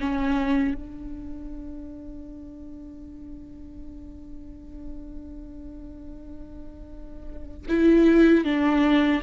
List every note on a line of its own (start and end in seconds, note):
0.00 0.74 C#4
0.74 7.66 D4
7.69 8.44 E4
8.44 9.21 D4